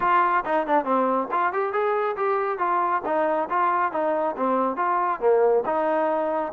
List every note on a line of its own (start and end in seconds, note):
0.00 0.43 F4
0.45 0.66 D#4
0.66 0.84 D4
0.84 1.28 C4
1.31 1.53 F4
1.53 1.72 G4
1.72 2.16 G#4
2.16 2.58 G4
2.58 3.02 F4
3.05 3.49 D#4
3.49 3.92 F4
3.92 4.35 D#4
4.36 4.76 C4
4.76 5.20 F4
5.20 5.63 A#3
5.65 6.52 D#4